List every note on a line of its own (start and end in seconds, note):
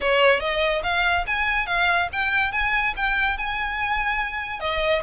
0.00 0.40 C#5
0.40 0.82 D#5
0.83 1.25 F5
1.27 1.66 G#5
1.66 2.08 F5
2.12 2.52 G5
2.52 2.94 G#5
2.96 3.37 G5
3.37 4.60 G#5
4.60 5.02 D#5